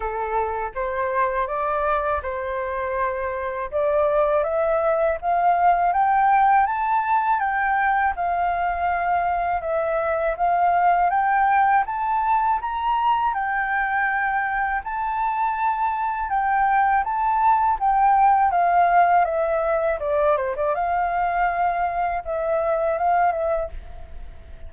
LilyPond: \new Staff \with { instrumentName = "flute" } { \time 4/4 \tempo 4 = 81 a'4 c''4 d''4 c''4~ | c''4 d''4 e''4 f''4 | g''4 a''4 g''4 f''4~ | f''4 e''4 f''4 g''4 |
a''4 ais''4 g''2 | a''2 g''4 a''4 | g''4 f''4 e''4 d''8 c''16 d''16 | f''2 e''4 f''8 e''8 | }